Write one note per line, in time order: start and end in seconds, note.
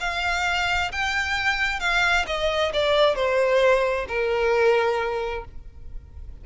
0.00 0.91 F5
0.91 1.80 G5
1.80 2.25 F5
2.26 2.72 D#5
2.73 3.15 D5
3.15 4.06 C5
4.08 5.44 A#4